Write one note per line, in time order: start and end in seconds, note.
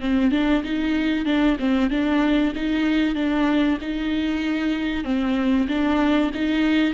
0.00 0.31 C4
0.31 0.63 D4
0.63 1.25 D#4
1.25 1.57 D4
1.59 1.90 C4
1.90 2.53 D4
2.55 3.15 D#4
3.15 3.78 D4
3.81 5.04 D#4
5.04 5.67 C4
5.68 6.31 D4
6.34 6.94 D#4